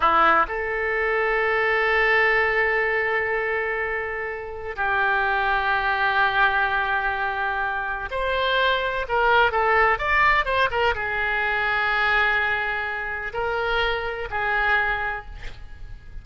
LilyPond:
\new Staff \with { instrumentName = "oboe" } { \time 4/4 \tempo 4 = 126 e'4 a'2.~ | a'1~ | a'2 g'2~ | g'1~ |
g'4 c''2 ais'4 | a'4 d''4 c''8 ais'8 gis'4~ | gis'1 | ais'2 gis'2 | }